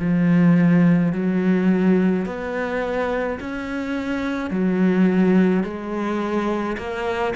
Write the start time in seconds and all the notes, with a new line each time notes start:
0.00 F3
1.13 F#3
2.26 B3
3.40 C#4
4.51 F#3
5.64 G#3
6.78 A#3